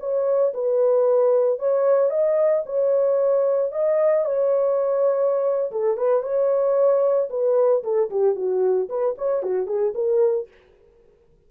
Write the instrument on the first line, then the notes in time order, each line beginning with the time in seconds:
horn
0.00 C#5
0.54 B4
1.59 C#5
2.10 D#5
2.66 C#5
3.72 D#5
4.25 C#5
5.72 A4
5.97 B4
6.23 C#5
7.30 B4
7.83 A4
8.10 G4
8.36 F#4
8.89 B4
9.18 C#5
9.43 F#4
9.67 G#4
9.95 A#4